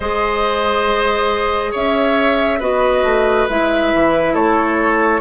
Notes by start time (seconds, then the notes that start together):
0.00 G#3 G#4 C5 D#5
1.71 C#4 C#5 E5
2.59 B3 F#4 B4 D#5
3.03 A3
3.49 G#3 E4 E5
3.94 E3
4.33 A3 A4 C#5